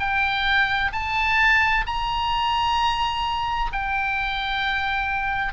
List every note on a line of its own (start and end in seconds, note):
0.00 0.92 G5
0.93 1.85 A5
1.87 3.72 A#5
3.73 5.53 G5